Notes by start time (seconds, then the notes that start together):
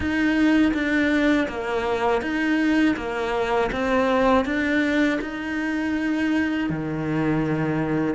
0.00 D#4
0.73 D4
1.48 A#3
2.21 D#4
2.96 A#3
3.72 C4
4.45 D4
5.21 D#4
6.69 D#3